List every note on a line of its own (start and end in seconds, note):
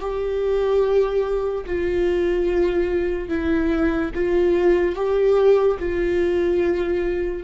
0.00 1.64 G4
1.66 3.29 F4
3.29 4.11 E4
4.15 4.95 F4
4.95 5.78 G4
5.79 7.43 F4